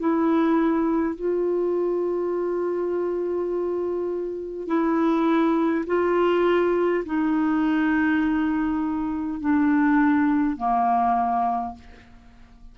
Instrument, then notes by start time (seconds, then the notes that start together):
clarinet
0.00 E4
1.16 F4
4.67 E4
5.87 F4
7.05 D#4
9.41 D4
10.57 A#3